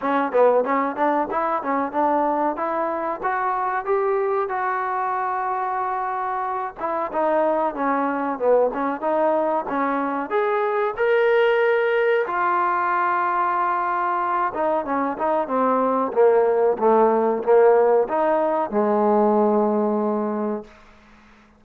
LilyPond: \new Staff \with { instrumentName = "trombone" } { \time 4/4 \tempo 4 = 93 cis'8 b8 cis'8 d'8 e'8 cis'8 d'4 | e'4 fis'4 g'4 fis'4~ | fis'2~ fis'8 e'8 dis'4 | cis'4 b8 cis'8 dis'4 cis'4 |
gis'4 ais'2 f'4~ | f'2~ f'8 dis'8 cis'8 dis'8 | c'4 ais4 a4 ais4 | dis'4 gis2. | }